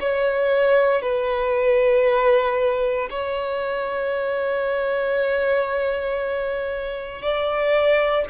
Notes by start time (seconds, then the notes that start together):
0.00 C#5
1.02 B4
3.10 C#5
7.22 D5